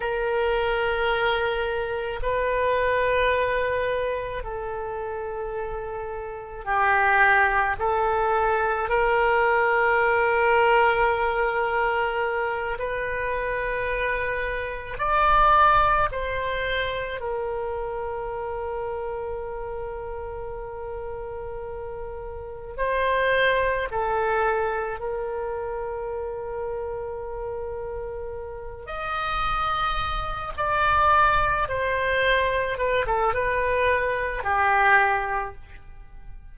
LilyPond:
\new Staff \with { instrumentName = "oboe" } { \time 4/4 \tempo 4 = 54 ais'2 b'2 | a'2 g'4 a'4 | ais'2.~ ais'8 b'8~ | b'4. d''4 c''4 ais'8~ |
ais'1~ | ais'8 c''4 a'4 ais'4.~ | ais'2 dis''4. d''8~ | d''8 c''4 b'16 a'16 b'4 g'4 | }